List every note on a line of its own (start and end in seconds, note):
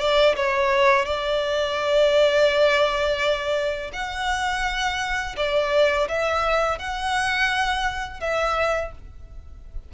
0.00 0.36 D5
0.36 1.06 C#5
1.06 3.91 D5
3.93 5.36 F#5
5.37 6.08 D5
6.08 6.79 E5
6.79 8.20 F#5
8.20 8.92 E5